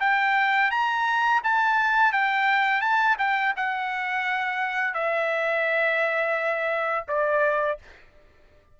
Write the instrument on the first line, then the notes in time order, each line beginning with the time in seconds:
trumpet
0.00 G5
0.71 A#5
1.43 A5
2.12 G5
2.81 A5
3.18 G5
3.56 F#5
4.94 E5
7.08 D5